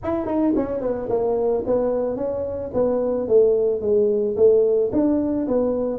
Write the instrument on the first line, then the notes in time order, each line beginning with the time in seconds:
tuba
0.03 E4
0.26 D#4
0.56 C#4
0.81 B3
1.09 A#3
1.66 B3
2.16 C#4
2.73 B3
3.28 A3
3.81 G#3
4.36 A3
4.92 D4
5.47 B3